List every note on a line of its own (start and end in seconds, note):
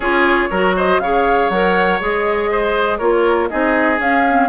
0.00 0.47 C#4
0.00 0.51 F4
0.00 0.49 G#4
0.00 0.72 C#5
0.50 0.99 F#3
0.50 1.02 F#4
0.50 0.75 A#4
0.76 1.01 C5
0.76 0.99 D#5
0.99 1.49 C#3
0.99 1.52 G#4
0.99 2.51 C#5
0.99 1.49 F5
1.49 1.99 F#3
1.49 2.00 A#4
1.49 1.99 F#5
2.00 2.99 G#3
2.00 3.00 G#4
2.00 2.98 D#5
2.51 2.98 C5
2.98 3.49 A#3
2.98 3.50 F4
2.98 3.48 A#4
2.98 3.48 C#5
3.49 3.98 C4
3.49 3.97 D#4
3.49 4.49 G#4
3.49 3.99 D#5
3.97 4.22 C#4
3.97 4.48 C#4
3.97 4.49 F5
4.30 4.49 C4